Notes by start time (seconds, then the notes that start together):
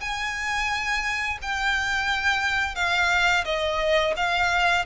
0.00 G#5
1.42 G5
2.75 F5
3.45 D#5
4.16 F5